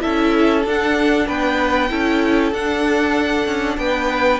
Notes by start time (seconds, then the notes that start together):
0.00 C#4 E4 A4 E5
0.65 D4 F#5
1.27 B3 B4 G5
1.89 C#4 E4 A4
2.52 D4 F#5
3.46 C#4
3.77 B3 B4 G5